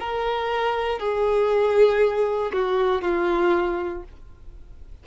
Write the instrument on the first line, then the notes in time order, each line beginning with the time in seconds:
violin
0.00 A#4
0.99 G#4
2.53 F#4
3.02 F4